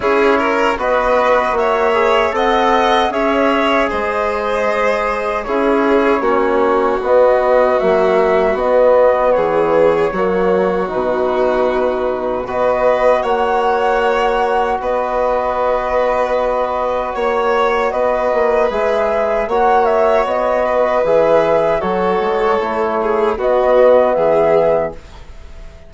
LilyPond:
<<
  \new Staff \with { instrumentName = "flute" } { \time 4/4 \tempo 4 = 77 cis''4 dis''4 e''4 fis''4 | e''4 dis''2 cis''4~ | cis''4 dis''4 e''4 dis''4 | cis''2 b'2 |
dis''4 fis''2 dis''4~ | dis''2 cis''4 dis''4 | e''4 fis''8 e''8 dis''4 e''4 | cis''2 dis''4 e''4 | }
  \new Staff \with { instrumentName = "violin" } { \time 4/4 gis'8 ais'8 b'4 cis''4 dis''4 | cis''4 c''2 gis'4 | fis'1 | gis'4 fis'2. |
b'4 cis''2 b'4~ | b'2 cis''4 b'4~ | b'4 cis''4. b'4. | a'4. gis'8 fis'4 gis'4 | }
  \new Staff \with { instrumentName = "trombone" } { \time 4/4 e'4 fis'4. gis'8 a'4 | gis'2. e'4 | cis'4 b4 fis4 b4~ | b4 ais4 dis'2 |
fis'1~ | fis'1 | gis'4 fis'2 gis'4 | fis'4 e'4 b2 | }
  \new Staff \with { instrumentName = "bassoon" } { \time 4/4 cis'4 b4 ais4 c'4 | cis'4 gis2 cis'4 | ais4 b4 ais4 b4 | e4 fis4 b,2 |
b4 ais2 b4~ | b2 ais4 b8 ais8 | gis4 ais4 b4 e4 | fis8 gis8 a4 b4 e4 | }
>>